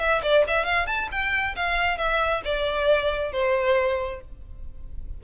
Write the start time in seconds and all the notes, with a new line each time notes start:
0.00 E5
0.23 D5
0.48 E5
0.65 F5
0.87 A5
1.11 G5
1.56 F5
1.98 E5
2.45 D5
3.33 C5